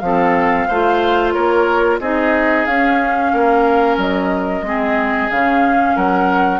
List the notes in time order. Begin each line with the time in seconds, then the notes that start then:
0.00 F3 C4 A4 F5
0.68 A3 F4 C5
1.32 A#3 A#4 C#5
2.00 C4 D#4 G#4 D#5
2.66 C#4 F5
3.34 A#3 A#4
3.97 F#3 D#5
4.62 G#3 C4 G#4
5.31 C#3 C#4 F5
5.96 F#3 A#4 F#5